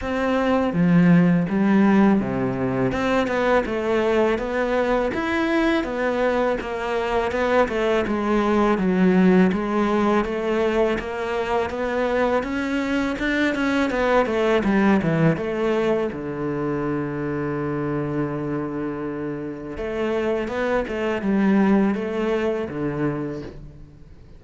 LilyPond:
\new Staff \with { instrumentName = "cello" } { \time 4/4 \tempo 4 = 82 c'4 f4 g4 c4 | c'8 b8 a4 b4 e'4 | b4 ais4 b8 a8 gis4 | fis4 gis4 a4 ais4 |
b4 cis'4 d'8 cis'8 b8 a8 | g8 e8 a4 d2~ | d2. a4 | b8 a8 g4 a4 d4 | }